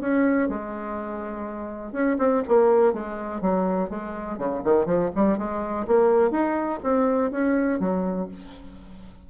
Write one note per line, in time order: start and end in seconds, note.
0.00 0.48 C#4
0.48 1.92 G#3
1.92 2.16 C#4
2.18 2.43 C4
2.48 2.93 A#3
2.93 3.41 G#3
3.41 3.89 F#3
3.89 4.38 G#3
4.38 4.62 C#3
4.64 4.85 D#3
4.85 5.10 F3
5.15 5.37 G3
5.37 5.86 G#3
5.87 6.30 A#3
6.30 6.79 D#4
6.83 7.31 C4
7.31 7.79 C#4
7.79 8.28 F#3